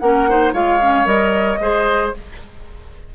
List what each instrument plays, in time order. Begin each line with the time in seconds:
0.00 bassoon A#3, clarinet C#4, oboe A#4, flute F#5
0.29 clarinet D#4, oboe C5
0.53 bassoon G#3, clarinet F4, oboe C#5, flute F5
0.81 clarinet C#4
1.06 bassoon G3, clarinet A#4, flute D#5
1.60 bassoon G#3, clarinet G#4, oboe C5